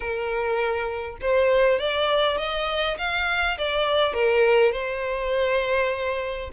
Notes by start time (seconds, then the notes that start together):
0.00 A#4
1.21 C5
1.79 D5
2.37 D#5
2.98 F5
3.58 D5
4.13 A#4
4.72 C5